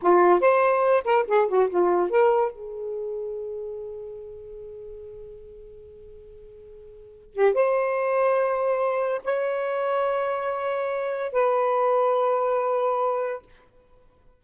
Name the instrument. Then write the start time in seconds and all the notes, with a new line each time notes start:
saxophone
0.02 F4
0.40 C5
1.04 A#4
1.27 G#4
1.48 F#4
1.69 F4
2.10 A#4
2.51 G#4
7.34 G4
7.53 C5
9.24 C#5
11.32 B4